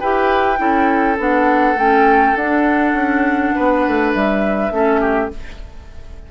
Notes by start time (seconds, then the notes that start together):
0.00 E4 G4 B4 G5
0.57 C#4 E4 A4
1.18 B3 D4 F#5
1.75 A3 C#4 G5
2.36 D4 F#5
2.93 C#4
3.55 B3 B4
3.87 A3
4.14 G3 E5
4.70 A3 C#4 A4
5.00 G4